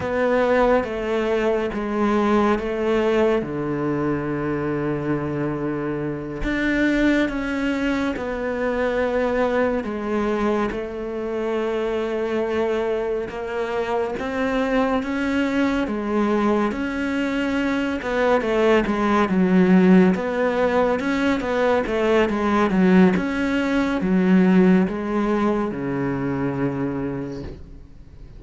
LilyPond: \new Staff \with { instrumentName = "cello" } { \time 4/4 \tempo 4 = 70 b4 a4 gis4 a4 | d2.~ d8 d'8~ | d'8 cis'4 b2 gis8~ | gis8 a2. ais8~ |
ais8 c'4 cis'4 gis4 cis'8~ | cis'4 b8 a8 gis8 fis4 b8~ | b8 cis'8 b8 a8 gis8 fis8 cis'4 | fis4 gis4 cis2 | }